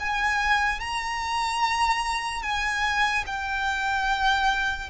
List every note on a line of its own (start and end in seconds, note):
0.00 0.80 G#5
0.80 2.42 A#5
2.42 3.25 G#5
3.27 4.90 G5